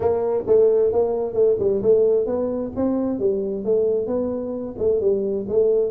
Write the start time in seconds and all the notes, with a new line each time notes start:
0.00 A#3
0.46 A3
0.92 A#3
1.33 A3
1.59 G3
1.82 A3
2.26 B3
2.75 C4
3.19 G3
3.64 A3
4.06 B3
4.78 A3
5.00 G3
5.48 A3